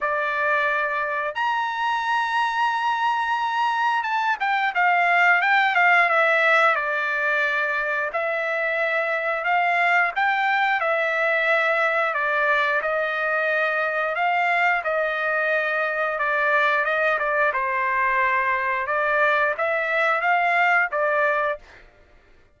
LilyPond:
\new Staff \with { instrumentName = "trumpet" } { \time 4/4 \tempo 4 = 89 d''2 ais''2~ | ais''2 a''8 g''8 f''4 | g''8 f''8 e''4 d''2 | e''2 f''4 g''4 |
e''2 d''4 dis''4~ | dis''4 f''4 dis''2 | d''4 dis''8 d''8 c''2 | d''4 e''4 f''4 d''4 | }